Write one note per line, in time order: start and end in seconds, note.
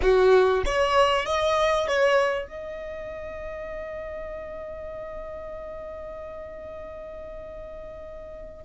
0.02 0.64 F#4
0.65 1.25 C#5
1.25 1.87 D#5
1.87 2.47 C#5
2.47 8.64 D#5